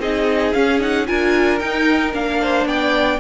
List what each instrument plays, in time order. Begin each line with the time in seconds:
0.00 cello C4, viola D#4, violin G#4 D#5
0.53 viola C#4, cello C#4, violin F5
0.80 viola D#4, violin F#5
1.07 cello D4, viola F4, violin A#4 G#5
1.59 viola D#4, cello D#4, violin G5
2.13 cello A#3, viola D4, violin F5
2.42 violin C5
2.66 cello B3, violin D5 G5